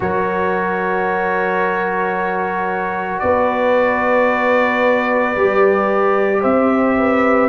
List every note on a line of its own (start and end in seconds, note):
0.00 3.20 F#3
0.00 5.35 F#4
0.00 3.22 A#4
0.00 3.19 C#5
3.19 5.36 B3
3.19 6.40 B4
3.19 6.40 D5
5.36 6.43 G3
5.36 7.49 G4
6.40 7.49 C4
6.40 6.94 C5
6.40 7.49 E5
6.97 7.49 B4